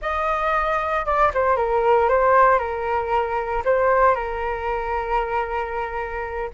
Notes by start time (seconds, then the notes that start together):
0.01 D#5
1.05 D5
1.34 C5
1.56 A#4
2.08 C5
2.58 A#4
3.64 C5
4.15 A#4